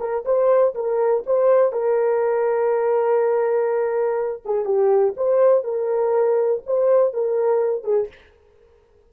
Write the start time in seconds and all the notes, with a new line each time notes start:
0.00 A#4
0.25 C5
0.75 A#4
1.27 C5
1.72 A#4
4.45 G#4
4.65 G4
5.17 C5
5.64 A#4
6.66 C5
7.14 A#4
7.84 G#4